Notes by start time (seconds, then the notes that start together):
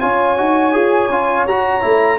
0.00 C#4 F4 C#5 G#5
0.37 D#4 F#4
0.73 F4 G#4
1.09 C#4 F4
1.47 F#4 A#5
1.82 A3 E4